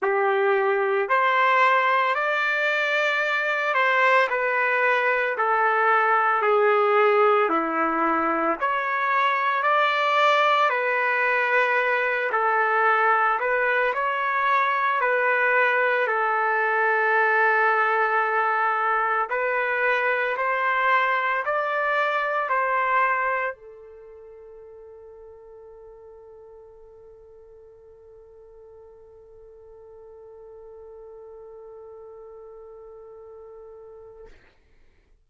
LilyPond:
\new Staff \with { instrumentName = "trumpet" } { \time 4/4 \tempo 4 = 56 g'4 c''4 d''4. c''8 | b'4 a'4 gis'4 e'4 | cis''4 d''4 b'4. a'8~ | a'8 b'8 cis''4 b'4 a'4~ |
a'2 b'4 c''4 | d''4 c''4 a'2~ | a'1~ | a'1 | }